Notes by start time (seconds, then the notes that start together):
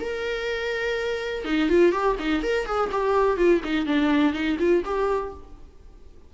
0.00 A#4
1.45 D#4
1.69 F4
1.92 G4
2.19 D#4
2.43 A#4
2.66 G#4
2.92 G4
3.37 F4
3.64 D#4
3.86 D4
4.33 D#4
4.59 F4
4.85 G4